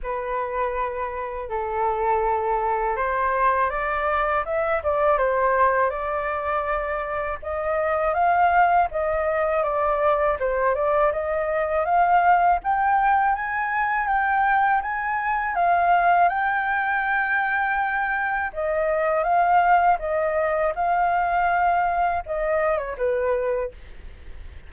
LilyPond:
\new Staff \with { instrumentName = "flute" } { \time 4/4 \tempo 4 = 81 b'2 a'2 | c''4 d''4 e''8 d''8 c''4 | d''2 dis''4 f''4 | dis''4 d''4 c''8 d''8 dis''4 |
f''4 g''4 gis''4 g''4 | gis''4 f''4 g''2~ | g''4 dis''4 f''4 dis''4 | f''2 dis''8. cis''16 b'4 | }